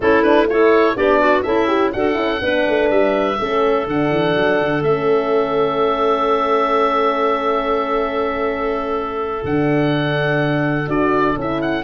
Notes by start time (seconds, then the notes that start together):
0.00 A3 C#4 E4 A4
0.22 D4 B4
0.49 E4 A4 C#5
0.95 B3 D4 G4 D5
1.20 F#4
1.42 C#4 E4 A4 E5
1.67 G4
1.92 D4 F#4 A4 F#5
2.14 C#4 E4
2.41 B3 D4 B4
2.68 A3
2.90 G3 E5
3.39 A3 C#4 A4
3.87 D3 D4 F#5
4.10 E3
4.36 F#3
4.59 D3
4.82 A3 C#4 E5
9.43 D3 D4 F#5
10.87 D4 F#4 D5
11.36 C#4 E4 E5
11.61 F#5